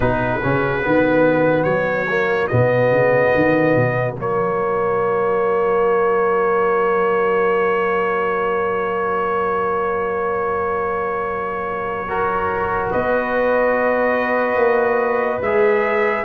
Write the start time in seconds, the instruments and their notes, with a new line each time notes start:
0.00 tuba B2, trombone D#4, horn F#4, trumpet B4
0.43 tuba C#3, trombone C#4
0.81 tuba D#3, trombone B3
1.63 tuba F#3, trumpet C#5
2.09 trombone A#3
2.47 tuba B2, trombone B3, trumpet D#5
2.91 tuba C#3
3.35 tuba D#3
3.75 tuba B2
4.17 tuba F#3, trombone A#3, trumpet C#5
12.07 trombone F#4, horn A#4
12.91 tuba B3, horn B4, trumpet D#5
14.55 tuba A#3
15.41 tuba G#3, trombone G#4, trumpet E5